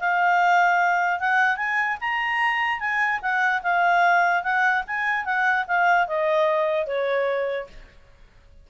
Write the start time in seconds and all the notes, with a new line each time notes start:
0.00 F5
1.20 F#5
1.57 G#5
2.01 A#5
2.80 G#5
3.22 F#5
3.63 F5
4.44 F#5
4.88 G#5
5.25 F#5
5.68 F5
6.08 D#5
6.87 C#5